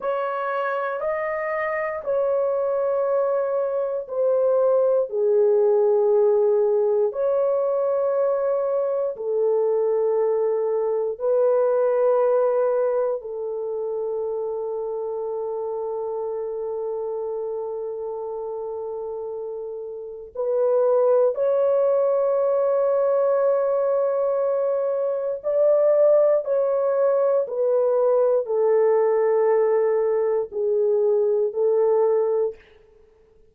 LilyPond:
\new Staff \with { instrumentName = "horn" } { \time 4/4 \tempo 4 = 59 cis''4 dis''4 cis''2 | c''4 gis'2 cis''4~ | cis''4 a'2 b'4~ | b'4 a'2.~ |
a'1 | b'4 cis''2.~ | cis''4 d''4 cis''4 b'4 | a'2 gis'4 a'4 | }